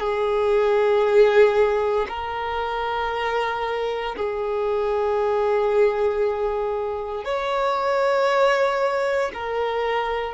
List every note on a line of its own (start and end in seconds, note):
0.00 2.07 G#4
2.09 4.16 A#4
4.17 7.25 G#4
7.25 9.32 C#5
9.34 10.34 A#4